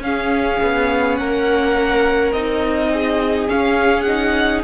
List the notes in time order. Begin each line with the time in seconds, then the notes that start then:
0.00 C#4 G#4 F5
0.63 B3
1.17 A#3 A#4 F#5
2.33 C4 D#4 D#5
2.92 G#4
3.48 C#4 F5
4.02 D#4 F#5